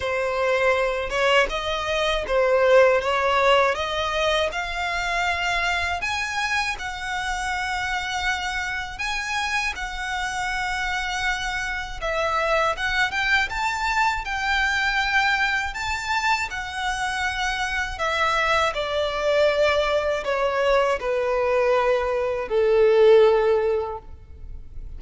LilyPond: \new Staff \with { instrumentName = "violin" } { \time 4/4 \tempo 4 = 80 c''4. cis''8 dis''4 c''4 | cis''4 dis''4 f''2 | gis''4 fis''2. | gis''4 fis''2. |
e''4 fis''8 g''8 a''4 g''4~ | g''4 a''4 fis''2 | e''4 d''2 cis''4 | b'2 a'2 | }